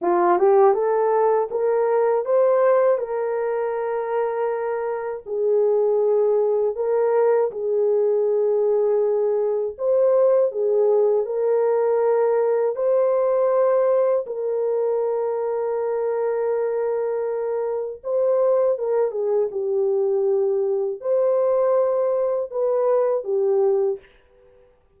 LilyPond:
\new Staff \with { instrumentName = "horn" } { \time 4/4 \tempo 4 = 80 f'8 g'8 a'4 ais'4 c''4 | ais'2. gis'4~ | gis'4 ais'4 gis'2~ | gis'4 c''4 gis'4 ais'4~ |
ais'4 c''2 ais'4~ | ais'1 | c''4 ais'8 gis'8 g'2 | c''2 b'4 g'4 | }